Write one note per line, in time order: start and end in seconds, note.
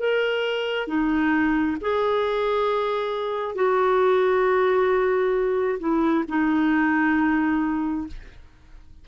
0.00 0.88 A#4
0.88 1.77 D#4
1.82 3.55 G#4
3.55 5.79 F#4
5.80 6.25 E4
6.28 8.08 D#4